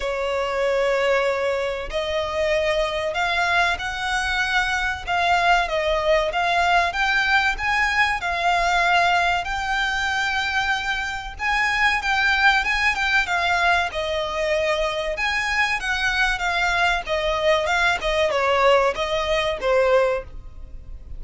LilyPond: \new Staff \with { instrumentName = "violin" } { \time 4/4 \tempo 4 = 95 cis''2. dis''4~ | dis''4 f''4 fis''2 | f''4 dis''4 f''4 g''4 | gis''4 f''2 g''4~ |
g''2 gis''4 g''4 | gis''8 g''8 f''4 dis''2 | gis''4 fis''4 f''4 dis''4 | f''8 dis''8 cis''4 dis''4 c''4 | }